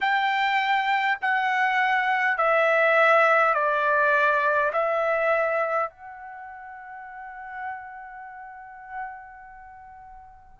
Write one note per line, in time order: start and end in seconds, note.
0.00 1.18 G5
1.21 2.37 F#5
2.37 3.53 E5
3.53 4.71 D5
4.72 5.90 E5
5.90 10.59 F#5